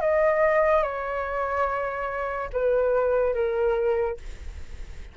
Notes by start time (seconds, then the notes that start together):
0.00 D#5
0.83 C#5
2.52 B4
3.33 A#4